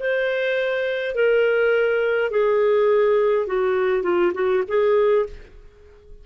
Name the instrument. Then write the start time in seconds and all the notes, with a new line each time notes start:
clarinet
0.00 C5
1.15 A#4
2.31 G#4
3.47 F#4
4.03 F4
4.34 F#4
4.68 G#4